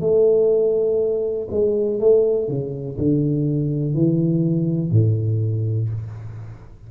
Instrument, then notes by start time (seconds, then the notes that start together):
tuba
0.00 A3
1.50 G#3
1.99 A3
2.48 C#3
2.97 D3
3.94 E3
4.91 A2